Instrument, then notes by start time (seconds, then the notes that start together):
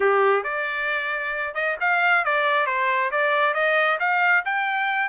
trumpet
0.00 G4
0.43 D5
1.54 D#5
1.80 F5
2.24 D5
2.66 C5
3.11 D5
3.54 D#5
3.99 F5
4.45 G5